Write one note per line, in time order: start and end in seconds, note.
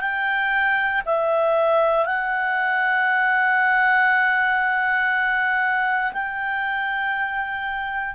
0.00 1.02 G5
1.05 2.06 E5
2.06 6.12 F#5
6.12 8.14 G5